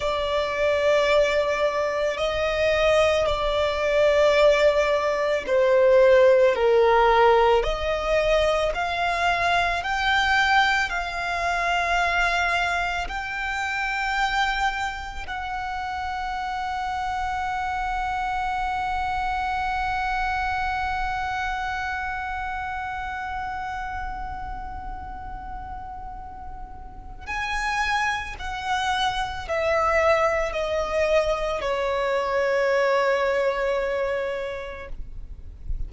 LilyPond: \new Staff \with { instrumentName = "violin" } { \time 4/4 \tempo 4 = 55 d''2 dis''4 d''4~ | d''4 c''4 ais'4 dis''4 | f''4 g''4 f''2 | g''2 fis''2~ |
fis''1~ | fis''1~ | fis''4 gis''4 fis''4 e''4 | dis''4 cis''2. | }